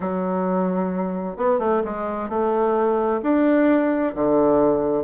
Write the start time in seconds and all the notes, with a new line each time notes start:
0.00 F#3
1.36 B3
1.59 A3
1.84 G#3
2.29 A3
3.22 D4
4.15 D3